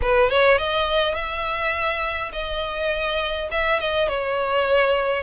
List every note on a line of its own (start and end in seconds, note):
0.01 0.30 B4
0.30 0.58 C#5
0.58 1.15 D#5
1.15 2.31 E5
2.32 3.48 D#5
3.51 3.79 E5
3.79 4.08 D#5
4.08 5.23 C#5